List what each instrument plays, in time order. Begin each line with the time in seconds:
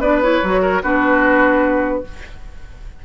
0.00 bassoon B3, clarinet D4, oboe B4, flute D5
0.22 clarinet E4, flute C#5
0.44 bassoon F#3, clarinet F#4
0.62 oboe A#4
0.83 bassoon B3, clarinet D4, oboe F#4, flute B4